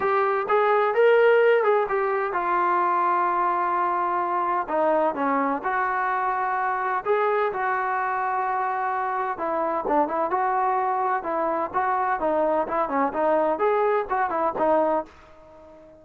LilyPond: \new Staff \with { instrumentName = "trombone" } { \time 4/4 \tempo 4 = 128 g'4 gis'4 ais'4. gis'8 | g'4 f'2.~ | f'2 dis'4 cis'4 | fis'2. gis'4 |
fis'1 | e'4 d'8 e'8 fis'2 | e'4 fis'4 dis'4 e'8 cis'8 | dis'4 gis'4 fis'8 e'8 dis'4 | }